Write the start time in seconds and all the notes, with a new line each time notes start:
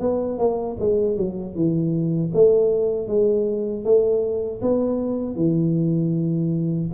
0.00 B3
0.38 A#3
0.80 G#3
1.17 F#3
1.55 E3
2.34 A3
3.08 G#3
3.85 A3
4.62 B3
5.36 E3